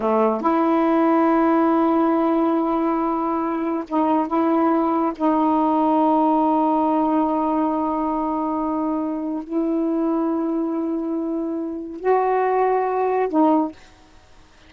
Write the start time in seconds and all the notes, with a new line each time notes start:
0.00 A3
0.41 E4
3.88 D#4
4.27 E4
5.15 D#4
9.43 E4
12.00 F#4
13.29 D#4